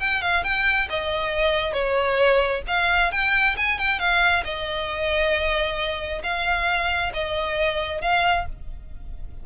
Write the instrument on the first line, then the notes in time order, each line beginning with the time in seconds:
violin
0.00 G5
0.22 F5
0.44 G5
0.90 D#5
1.73 C#5
2.67 F5
3.12 G5
3.57 G#5
3.78 G5
3.99 F5
4.44 D#5
6.23 F5
7.14 D#5
8.01 F5